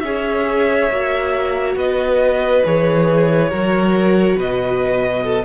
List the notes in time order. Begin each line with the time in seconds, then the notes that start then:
0.00 C#4 G#4 C#5 E5
0.90 A#3 F#4
1.76 B3 B4 D#5
2.64 E3 G#4 C#5
3.49 F#3 F#4 A#4
4.36 B2 B4 D#5
5.24 A4